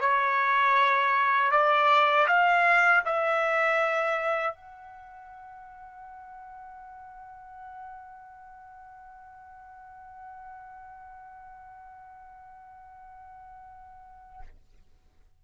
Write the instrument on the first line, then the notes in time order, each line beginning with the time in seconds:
trumpet
0.00 C#5
1.51 D5
2.28 F5
3.05 E5
4.54 F#5